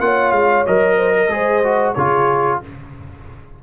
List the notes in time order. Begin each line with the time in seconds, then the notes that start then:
0.00 A#3 F4 C#5 F#5
0.32 G#3 F5
0.66 F#3 A#4 D#5
0.97 C5
1.16 A#4
1.28 G#3 G#4 C5
1.63 F#4
1.94 C#3 F4 G#4 C#5